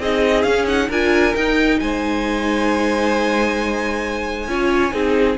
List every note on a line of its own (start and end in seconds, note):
0.00 0.45 C4
0.00 0.47 D#4
0.00 0.89 G#4
0.00 0.43 D#5
0.43 0.89 C#4
0.43 0.68 C#4
0.43 0.65 F5
0.68 0.90 D#4
0.68 0.90 F#5
0.89 1.35 D4
0.89 1.36 F4
0.89 1.78 A#4
0.89 1.36 G#5
1.36 1.81 D#4
1.36 4.49 D#4
1.36 1.80 G5
1.80 4.48 G#3
1.80 4.50 C5
1.80 5.38 G#5
4.48 4.93 C#4
4.48 4.92 F4
4.48 4.94 C#5
4.92 5.38 C4
4.92 5.37 D#4
4.92 5.38 G#4